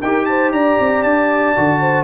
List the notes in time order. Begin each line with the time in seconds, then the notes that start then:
0.00 D#4 G4 A#4 G5
0.26 C5 A5
0.52 D4 D5 A#5
0.80 C4
1.03 D4 A5
1.56 D3 F#4
1.81 C5